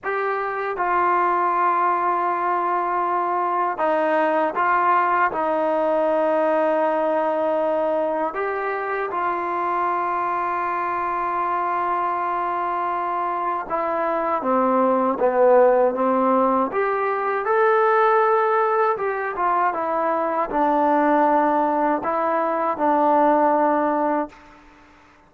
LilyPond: \new Staff \with { instrumentName = "trombone" } { \time 4/4 \tempo 4 = 79 g'4 f'2.~ | f'4 dis'4 f'4 dis'4~ | dis'2. g'4 | f'1~ |
f'2 e'4 c'4 | b4 c'4 g'4 a'4~ | a'4 g'8 f'8 e'4 d'4~ | d'4 e'4 d'2 | }